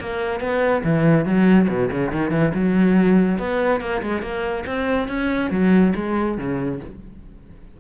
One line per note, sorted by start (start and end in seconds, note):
0.00 0.40 A#3
0.40 0.83 B3
0.84 1.25 E3
1.25 1.68 F#3
1.69 1.90 B2
1.91 2.12 C#3
2.12 2.31 D#3
2.31 2.52 E3
2.54 3.38 F#3
3.38 3.80 B3
3.80 4.02 A#3
4.02 4.22 G#3
4.22 4.64 A#3
4.66 5.08 C4
5.08 5.50 C#4
5.51 5.93 F#3
5.96 6.38 G#3
6.38 6.80 C#3